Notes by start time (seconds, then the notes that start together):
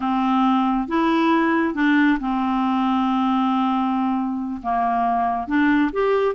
0.00 C4
0.88 E4
1.74 D4
2.20 C4
4.62 A#3
5.47 D4
5.92 G4